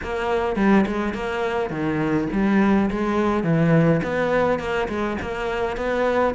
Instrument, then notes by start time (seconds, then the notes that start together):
cello
0.03 A#3
0.56 G3
0.86 G#3
1.14 A#3
1.70 D#3
2.32 G3
2.90 G#3
3.43 E3
4.03 B3
4.59 A#3
4.88 G#3
5.21 A#3
5.76 B3